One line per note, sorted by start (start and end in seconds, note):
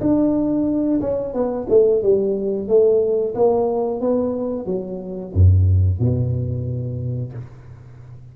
0.00 1.00 D4
1.01 1.33 C#4
1.33 1.67 B3
1.68 2.02 A3
2.02 2.68 G3
2.68 3.34 A3
3.35 4.00 A#3
4.00 4.65 B3
4.65 5.32 F#3
5.33 5.99 F#2
5.99 7.32 B2